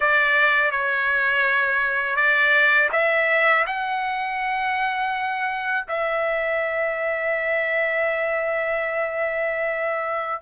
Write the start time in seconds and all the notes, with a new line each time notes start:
0.00 D5
0.71 C#5
2.16 D5
2.91 E5
3.66 F#5
5.87 E5